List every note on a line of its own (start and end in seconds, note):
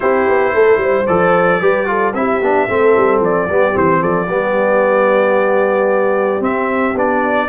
0.00 0.28 C4
0.00 1.07 E4
0.00 0.54 G4
0.00 1.06 C5
0.28 0.54 B3
0.54 0.76 A3
0.54 0.80 A4
0.76 1.03 G3
0.76 1.61 C5
1.06 1.60 F3
1.06 1.61 A4
1.06 2.13 D5
1.60 2.14 G3
1.60 1.86 G4
1.60 1.87 B4
1.86 2.13 F4
1.86 2.15 A4
2.14 2.40 C4
2.14 2.42 E4
2.14 2.68 G4
2.14 3.21 E5
2.40 2.67 B3
2.40 2.68 D4
2.68 2.95 A3
2.68 3.49 C4
2.68 3.47 A4
2.97 3.20 G3
3.20 3.47 F3
3.20 3.77 D5
3.47 3.75 G3
3.47 3.72 B3
3.47 4.01 G4
3.72 4.02 E3
3.72 4.26 C4
3.72 4.03 C5
4.01 4.28 F3
4.01 4.27 A4
4.01 6.43 D5
4.27 6.40 G3
4.27 6.40 B3
4.27 7.48 G4
6.40 6.94 C4
6.40 6.97 E5
6.95 7.48 B3
6.95 7.48 D4
6.95 7.48 D5